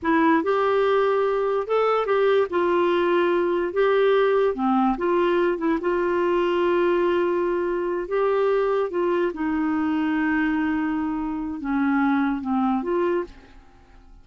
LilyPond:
\new Staff \with { instrumentName = "clarinet" } { \time 4/4 \tempo 4 = 145 e'4 g'2. | a'4 g'4 f'2~ | f'4 g'2 c'4 | f'4. e'8 f'2~ |
f'2.~ f'8 g'8~ | g'4. f'4 dis'4.~ | dis'1 | cis'2 c'4 f'4 | }